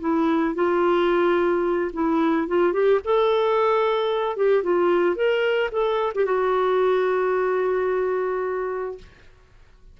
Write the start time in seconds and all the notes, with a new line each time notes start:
0.00 E4
0.55 F4
1.93 E4
2.47 F4
2.72 G4
3.04 A4
4.36 G4
4.63 F4
5.15 A#4
5.72 A4
6.15 G4
6.25 F#4